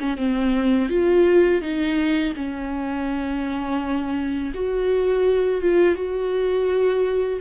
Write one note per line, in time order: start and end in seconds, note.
0.00 0.17 C#4
0.17 0.89 C4
0.89 1.62 F4
1.62 2.34 D#4
2.36 4.53 C#4
4.54 5.62 F#4
5.62 5.95 F4
5.95 7.40 F#4